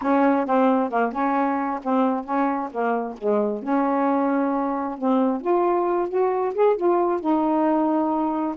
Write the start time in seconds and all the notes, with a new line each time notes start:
0.01 C#4
0.46 C4
0.90 A#3
1.12 C#4
1.82 C4
2.24 C#4
2.71 A#3
3.17 G#3
3.62 C#4
4.97 C4
5.41 F4
6.08 F#4
6.54 G#4
6.76 F4
7.20 D#4